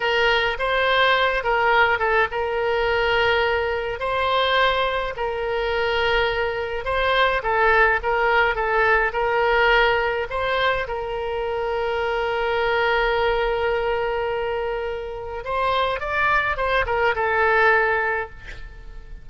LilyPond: \new Staff \with { instrumentName = "oboe" } { \time 4/4 \tempo 4 = 105 ais'4 c''4. ais'4 a'8 | ais'2. c''4~ | c''4 ais'2. | c''4 a'4 ais'4 a'4 |
ais'2 c''4 ais'4~ | ais'1~ | ais'2. c''4 | d''4 c''8 ais'8 a'2 | }